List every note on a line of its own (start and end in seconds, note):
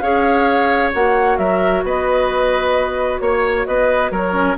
0.00 0.93 C#4
0.00 0.93 G#4
0.00 1.39 C#5
0.00 0.91 F5
0.93 1.38 A#3
0.93 4.33 F#4
0.93 1.38 F#5
1.38 1.83 F#3
1.38 1.84 A#4
1.38 1.83 E5
1.84 3.20 B3
1.84 3.21 B4
1.84 3.20 D#5
3.20 3.66 A#3
3.20 3.65 C#5
3.20 3.67 C#5
3.66 4.11 B3
3.66 4.11 B4
3.66 4.11 D#5
4.11 4.56 F#3
4.11 4.57 A#4
4.11 4.57 C#5
4.33 4.55 C#4